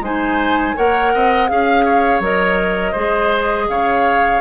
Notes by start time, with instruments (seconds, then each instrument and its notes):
0.00 bassoon G#3, clarinet D#4, oboe C5, flute G#5
0.76 bassoon A#3, clarinet A#4, oboe C#5, flute F#5
1.14 bassoon C4, oboe D#5
1.48 bassoon C#4, clarinet G#4, flute F5, oboe F5
1.85 oboe C#5
2.20 bassoon F#3, clarinet A#4, flute D#5
2.91 bassoon G#3, clarinet G#4, oboe C5
3.68 bassoon C#3, oboe C#5, flute F5